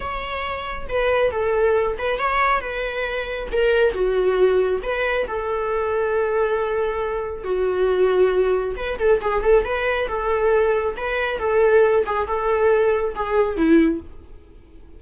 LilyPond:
\new Staff \with { instrumentName = "viola" } { \time 4/4 \tempo 4 = 137 cis''2 b'4 a'4~ | a'8 b'8 cis''4 b'2 | ais'4 fis'2 b'4 | a'1~ |
a'4 fis'2. | b'8 a'8 gis'8 a'8 b'4 a'4~ | a'4 b'4 a'4. gis'8 | a'2 gis'4 e'4 | }